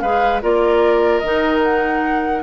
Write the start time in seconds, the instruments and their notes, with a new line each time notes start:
0.00 bassoon G#3, clarinet G#4, oboe B4, flute F5
0.41 bassoon A#3, clarinet F4, oboe A#4, flute D5
1.19 bassoon D#3, clarinet D#4, flute D#5
1.63 flute F#5